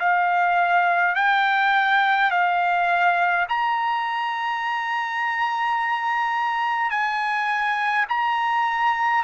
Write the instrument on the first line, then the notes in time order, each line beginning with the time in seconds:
trumpet
0.00 F5
1.16 G5
2.31 F5
3.49 A#5
6.91 G#5
8.09 A#5